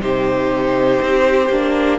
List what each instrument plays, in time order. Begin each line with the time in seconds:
0.00 cello C3, viola D#4, violin G4 C5
1.02 cello C4
1.49 cello A#3, viola D4